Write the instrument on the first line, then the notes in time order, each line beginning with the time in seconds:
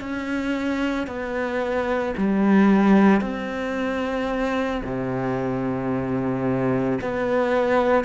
cello
0.00 C#4
1.07 B3
2.17 G3
3.20 C4
4.84 C3
7.00 B3